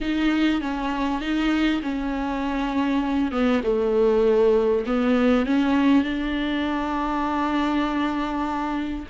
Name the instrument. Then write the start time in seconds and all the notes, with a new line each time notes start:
viola
0.00 D#4
0.61 C#4
1.20 D#4
1.82 C#4
3.31 B3
3.63 A3
4.86 B3
5.45 C#4
6.03 D4